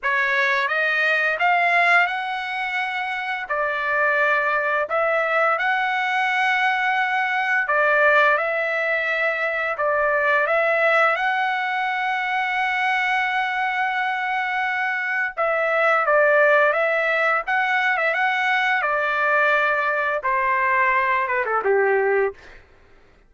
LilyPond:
\new Staff \with { instrumentName = "trumpet" } { \time 4/4 \tempo 4 = 86 cis''4 dis''4 f''4 fis''4~ | fis''4 d''2 e''4 | fis''2. d''4 | e''2 d''4 e''4 |
fis''1~ | fis''2 e''4 d''4 | e''4 fis''8. e''16 fis''4 d''4~ | d''4 c''4. b'16 a'16 g'4 | }